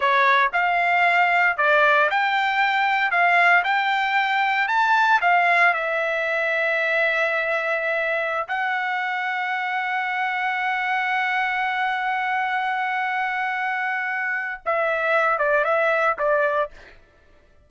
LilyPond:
\new Staff \with { instrumentName = "trumpet" } { \time 4/4 \tempo 4 = 115 cis''4 f''2 d''4 | g''2 f''4 g''4~ | g''4 a''4 f''4 e''4~ | e''1~ |
e''16 fis''2.~ fis''8.~ | fis''1~ | fis''1 | e''4. d''8 e''4 d''4 | }